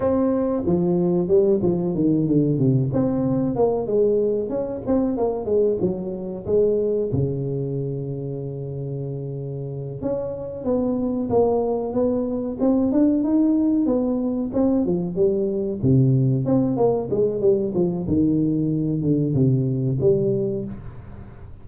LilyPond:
\new Staff \with { instrumentName = "tuba" } { \time 4/4 \tempo 4 = 93 c'4 f4 g8 f8 dis8 d8 | c8 c'4 ais8 gis4 cis'8 c'8 | ais8 gis8 fis4 gis4 cis4~ | cis2.~ cis8 cis'8~ |
cis'8 b4 ais4 b4 c'8 | d'8 dis'4 b4 c'8 f8 g8~ | g8 c4 c'8 ais8 gis8 g8 f8 | dis4. d8 c4 g4 | }